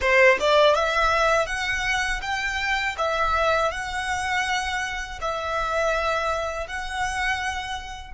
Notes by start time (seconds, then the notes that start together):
0.00 C5
0.40 D5
0.74 E5
1.46 F#5
2.21 G5
2.98 E5
3.71 F#5
5.21 E5
6.67 F#5